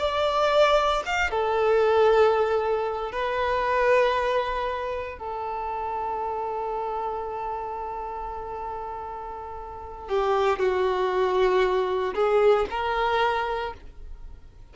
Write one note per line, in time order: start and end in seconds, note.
0.00 1.03 D5
1.06 1.31 F5
1.31 3.12 A4
3.12 5.19 B4
5.19 10.09 A4
10.09 10.59 G4
10.59 12.15 F#4
12.15 12.67 G#4
12.71 13.74 A#4